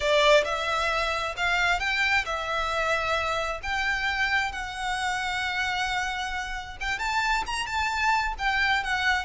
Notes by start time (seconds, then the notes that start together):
0.00 D5
0.44 E5
1.37 F5
1.79 G5
2.25 E5
3.62 G5
4.51 F#5
6.80 G5
6.98 A5
7.46 A#5
7.66 A5
8.38 G5
8.83 F#5